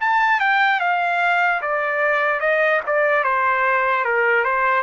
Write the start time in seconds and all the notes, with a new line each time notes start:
0.00 A5
0.39 G5
0.80 F5
1.61 D5
2.40 D#5
2.86 D5
3.23 C5
4.04 A#4
4.44 C5